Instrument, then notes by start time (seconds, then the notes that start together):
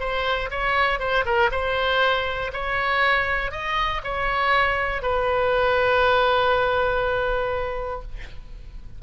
oboe
0.00 C5
0.51 C#5
1.00 C5
1.26 A#4
1.52 C5
2.54 C#5
3.52 D#5
4.04 C#5
5.02 B4